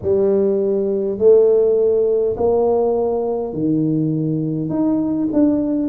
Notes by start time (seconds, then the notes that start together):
0.02 G3
1.18 A3
2.36 A#3
3.53 D#3
4.70 D#4
5.33 D4